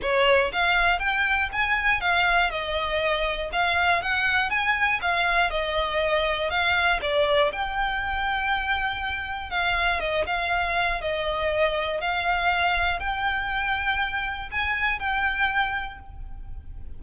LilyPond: \new Staff \with { instrumentName = "violin" } { \time 4/4 \tempo 4 = 120 cis''4 f''4 g''4 gis''4 | f''4 dis''2 f''4 | fis''4 gis''4 f''4 dis''4~ | dis''4 f''4 d''4 g''4~ |
g''2. f''4 | dis''8 f''4. dis''2 | f''2 g''2~ | g''4 gis''4 g''2 | }